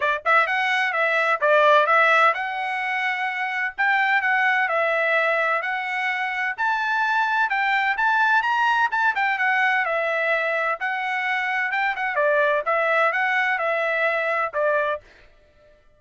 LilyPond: \new Staff \with { instrumentName = "trumpet" } { \time 4/4 \tempo 4 = 128 d''8 e''8 fis''4 e''4 d''4 | e''4 fis''2. | g''4 fis''4 e''2 | fis''2 a''2 |
g''4 a''4 ais''4 a''8 g''8 | fis''4 e''2 fis''4~ | fis''4 g''8 fis''8 d''4 e''4 | fis''4 e''2 d''4 | }